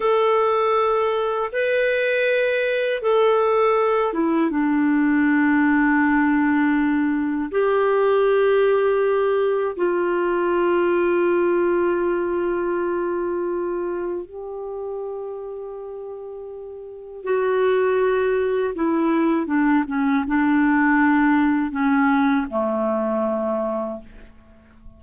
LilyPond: \new Staff \with { instrumentName = "clarinet" } { \time 4/4 \tempo 4 = 80 a'2 b'2 | a'4. e'8 d'2~ | d'2 g'2~ | g'4 f'2.~ |
f'2. g'4~ | g'2. fis'4~ | fis'4 e'4 d'8 cis'8 d'4~ | d'4 cis'4 a2 | }